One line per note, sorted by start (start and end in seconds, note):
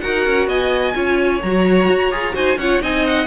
0.00 0.26 D#4
0.00 0.94 F#4
0.00 0.48 A#4
0.00 0.47 F#5
0.26 0.47 C#4
0.47 0.93 B3
0.47 0.94 D#5
0.47 1.41 G#5
0.94 1.41 C#4
0.94 1.40 F4
0.94 2.34 C#5
1.41 1.88 F#3
1.41 2.11 F#4
1.41 2.34 A#5
1.88 2.11 F#4
2.11 2.34 F4
2.11 2.33 G#4
2.33 2.56 D#4
2.33 2.56 F#4
2.33 2.57 C5
2.33 2.58 G#5
2.56 2.80 C#4
2.56 2.82 F4
2.56 2.82 C#5
2.56 2.81 F#5
2.81 3.26 C4
2.81 3.26 D#4
2.81 3.26 D#5
2.81 3.06 G#5
3.06 3.26 F#5